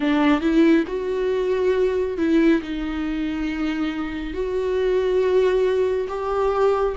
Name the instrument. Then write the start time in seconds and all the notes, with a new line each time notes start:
viola
0.00 D4
0.41 E4
0.87 F#4
2.17 E4
2.62 D#4
4.33 F#4
6.08 G4